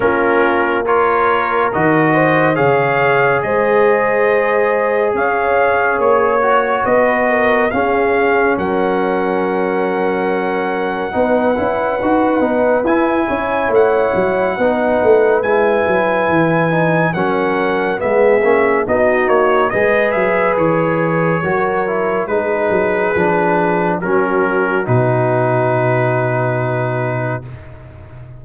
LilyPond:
<<
  \new Staff \with { instrumentName = "trumpet" } { \time 4/4 \tempo 4 = 70 ais'4 cis''4 dis''4 f''4 | dis''2 f''4 cis''4 | dis''4 f''4 fis''2~ | fis''2. gis''4 |
fis''2 gis''2 | fis''4 e''4 dis''8 cis''8 dis''8 e''8 | cis''2 b'2 | ais'4 b'2. | }
  \new Staff \with { instrumentName = "horn" } { \time 4/4 f'4 ais'4. c''8 cis''4 | c''2 cis''2 | b'8 ais'8 gis'4 ais'2~ | ais'4 b'2~ b'8 cis''8~ |
cis''4 b'2. | ais'4 gis'4 fis'4 b'4~ | b'4 ais'4 gis'2 | fis'1 | }
  \new Staff \with { instrumentName = "trombone" } { \time 4/4 cis'4 f'4 fis'4 gis'4~ | gis'2.~ gis'8 fis'8~ | fis'4 cis'2.~ | cis'4 dis'8 e'8 fis'8 dis'8 e'4~ |
e'4 dis'4 e'4. dis'8 | cis'4 b8 cis'8 dis'4 gis'4~ | gis'4 fis'8 e'8 dis'4 d'4 | cis'4 dis'2. | }
  \new Staff \with { instrumentName = "tuba" } { \time 4/4 ais2 dis4 cis4 | gis2 cis'4 ais4 | b4 cis'4 fis2~ | fis4 b8 cis'8 dis'8 b8 e'8 cis'8 |
a8 fis8 b8 a8 gis8 fis8 e4 | fis4 gis8 ais8 b8 ais8 gis8 fis8 | e4 fis4 gis8 fis8 f4 | fis4 b,2. | }
>>